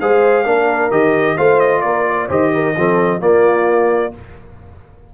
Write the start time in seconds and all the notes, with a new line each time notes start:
0.00 G#3 G#4 C5 F5
0.45 A#3 D4 A#4
0.91 D#3 G4 D#5
1.37 A3 F4 C5 F5
1.60 D#5
1.81 A#3 A#4 D5
2.07 D5
2.28 D#3 G4 C5 D#5
2.54 A#4
2.76 F3 C4 A4
3.20 A#3 F4 D5